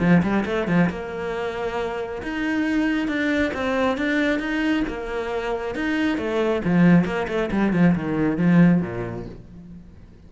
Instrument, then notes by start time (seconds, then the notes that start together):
cello
0.00 F3
0.23 G3
0.46 A3
0.67 F3
0.90 A#3
2.23 D#4
3.08 D4
3.54 C4
3.98 D4
4.40 D#4
4.88 A#3
5.75 D#4
6.18 A3
6.65 F3
7.05 A#3
7.28 A3
7.52 G3
7.73 F3
7.96 D#3
8.37 F3
8.82 A#2